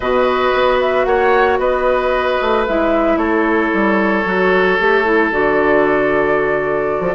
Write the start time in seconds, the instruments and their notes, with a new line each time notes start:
0.00 bassoon B2, clarinet F#4, oboe B4, flute D#5
0.53 bassoon B3
0.80 flute E5
1.04 bassoon A#3, oboe C#5, flute F#5
1.58 bassoon B3, oboe B4, flute D#5
2.41 bassoon A3
2.67 bassoon G#3, clarinet E4, flute E5
3.17 bassoon A3, oboe A4, flute C#5
3.73 bassoon G3
4.25 bassoon F#3, clarinet F#4
4.78 bassoon A3, clarinet G4
5.05 clarinet E4
5.31 bassoon D3, clarinet F#4, flute D5
6.99 bassoon F3